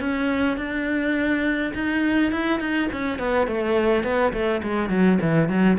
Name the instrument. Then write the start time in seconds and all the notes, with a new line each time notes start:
cello
0.00 C#4
0.57 D4
1.74 D#4
2.32 E4
2.60 D#4
2.92 C#4
3.19 B3
3.47 A3
4.04 B3
4.33 A3
4.63 G#3
4.89 F#3
5.21 E3
5.49 F#3